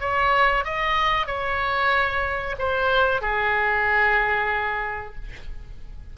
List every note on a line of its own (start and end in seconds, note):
0.00 0.65 C#5
0.65 1.27 D#5
1.27 2.56 C#5
2.59 3.21 C5
3.21 5.15 G#4